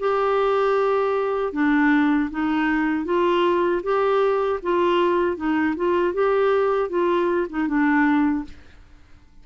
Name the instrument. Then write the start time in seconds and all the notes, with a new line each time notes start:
clarinet
0.00 G4
1.53 D4
2.31 D#4
3.06 F4
3.84 G4
4.63 F4
5.37 D#4
5.77 F4
6.14 G4
6.90 F4
7.50 D#4
7.68 D4